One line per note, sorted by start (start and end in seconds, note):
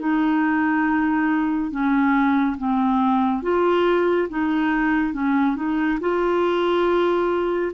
0.00 1.71 D#4
1.71 2.57 C#4
2.58 3.43 C4
3.43 4.29 F4
4.29 5.14 D#4
5.14 5.56 C#4
5.56 5.99 D#4
6.01 7.72 F4